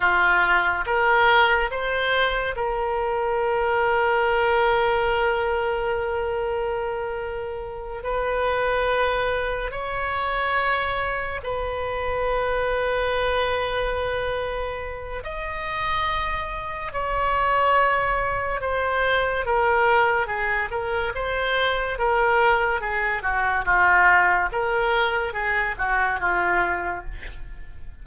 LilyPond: \new Staff \with { instrumentName = "oboe" } { \time 4/4 \tempo 4 = 71 f'4 ais'4 c''4 ais'4~ | ais'1~ | ais'4. b'2 cis''8~ | cis''4. b'2~ b'8~ |
b'2 dis''2 | cis''2 c''4 ais'4 | gis'8 ais'8 c''4 ais'4 gis'8 fis'8 | f'4 ais'4 gis'8 fis'8 f'4 | }